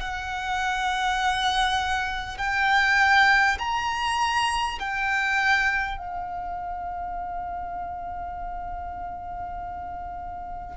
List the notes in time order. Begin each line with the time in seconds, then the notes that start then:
0.00 F#5
2.38 G5
3.59 A#5
4.79 G5
5.98 F5